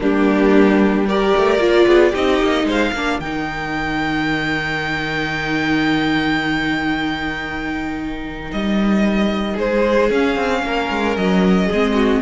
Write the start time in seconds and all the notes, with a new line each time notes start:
0.00 G3 A#3 D4 G4
1.07 G4 A#4 D5
1.36 A3
1.59 A#3 F4
1.86 B3 G#4
2.11 C4 D#4 G4 D#5
2.42 A#3
2.64 G#3 C5
2.70 F5
2.92 A#3 D4 A#4
3.19 D#3 D#4 G5
8.51 G3 D#5
9.54 G#3 G#4 C5
10.10 C#4 F5
10.36 C4
10.62 A#3 A#4
10.90 G#3
11.16 F#3 D#5
11.65 G#4
11.72 G#3 C4
11.93 F#4